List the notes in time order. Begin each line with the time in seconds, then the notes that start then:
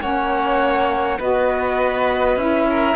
0.00 A#3 C#4 C#5 F#5
1.18 B3 F#4 B4 D#5
2.36 C#4 E4 E5
2.70 A#4